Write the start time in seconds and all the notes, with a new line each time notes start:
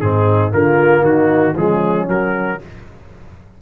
0.00 G#2 C4 D#4 G#4
0.51 D3 A#3 F4 A#4
1.01 D#3 D#4 F#4
1.55 F3 G#3 C#4 G#4
2.07 F#3 A#4